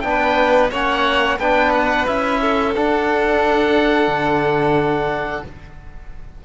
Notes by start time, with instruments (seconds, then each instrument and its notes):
0.00 cello B3, trombone D4, oboe G5
0.09 violin B4
0.71 cello A#3, trombone C#4, violin C#5, oboe F#5
1.38 cello B3, trombone D4, violin B4, oboe G5
1.73 oboe F#5
2.06 cello C#4, trombone E4, oboe E5
2.40 violin A4
2.75 trombone D4, cello D4, oboe F#5
4.07 cello D3